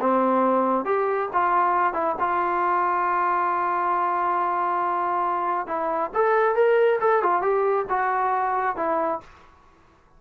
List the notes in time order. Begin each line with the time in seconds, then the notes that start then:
0.00 C4
0.85 G4
1.32 F4
1.93 E4
2.19 F4
5.67 E4
6.14 A4
6.55 A#4
7.00 A4
7.22 F4
7.41 G4
7.89 F#4
8.76 E4